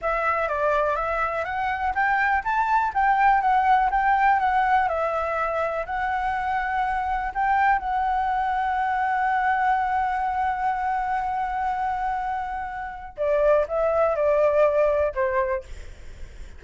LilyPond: \new Staff \with { instrumentName = "flute" } { \time 4/4 \tempo 4 = 123 e''4 d''4 e''4 fis''4 | g''4 a''4 g''4 fis''4 | g''4 fis''4 e''2 | fis''2. g''4 |
fis''1~ | fis''1~ | fis''2. d''4 | e''4 d''2 c''4 | }